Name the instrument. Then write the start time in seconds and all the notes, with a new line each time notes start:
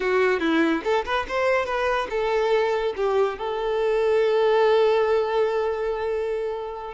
violin
0.00 F#4
0.40 E4
0.84 A4
1.05 B4
1.28 C5
1.65 B4
2.10 A4
2.96 G4
3.38 A4